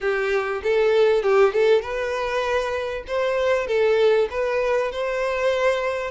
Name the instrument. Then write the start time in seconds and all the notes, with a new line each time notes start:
violin
0.01 G4
0.63 A4
1.22 G4
1.53 A4
1.81 B4
3.07 C5
3.67 A4
4.30 B4
4.91 C5